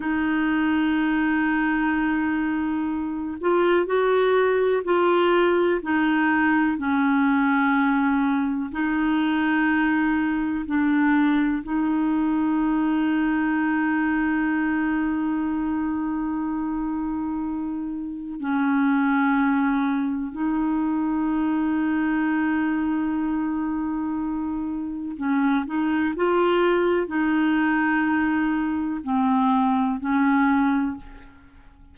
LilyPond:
\new Staff \with { instrumentName = "clarinet" } { \time 4/4 \tempo 4 = 62 dis'2.~ dis'8 f'8 | fis'4 f'4 dis'4 cis'4~ | cis'4 dis'2 d'4 | dis'1~ |
dis'2. cis'4~ | cis'4 dis'2.~ | dis'2 cis'8 dis'8 f'4 | dis'2 c'4 cis'4 | }